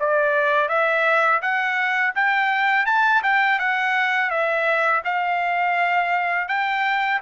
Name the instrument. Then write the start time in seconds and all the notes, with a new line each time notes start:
trumpet
0.00 D5
0.69 E5
1.42 F#5
2.16 G5
2.86 A5
3.23 G5
3.59 F#5
4.30 E5
5.05 F5
6.49 G5